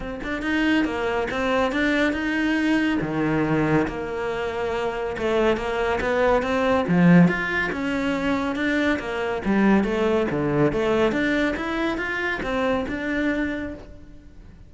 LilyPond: \new Staff \with { instrumentName = "cello" } { \time 4/4 \tempo 4 = 140 c'8 d'8 dis'4 ais4 c'4 | d'4 dis'2 dis4~ | dis4 ais2. | a4 ais4 b4 c'4 |
f4 f'4 cis'2 | d'4 ais4 g4 a4 | d4 a4 d'4 e'4 | f'4 c'4 d'2 | }